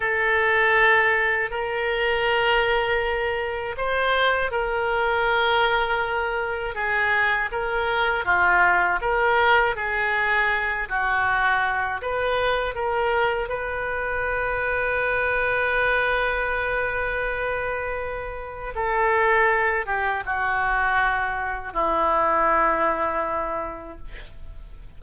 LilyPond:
\new Staff \with { instrumentName = "oboe" } { \time 4/4 \tempo 4 = 80 a'2 ais'2~ | ais'4 c''4 ais'2~ | ais'4 gis'4 ais'4 f'4 | ais'4 gis'4. fis'4. |
b'4 ais'4 b'2~ | b'1~ | b'4 a'4. g'8 fis'4~ | fis'4 e'2. | }